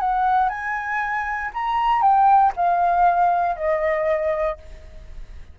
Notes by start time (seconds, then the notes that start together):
0.00 F#5
0.49 G#5
1.54 A#5
2.02 G5
2.56 F5
3.56 D#5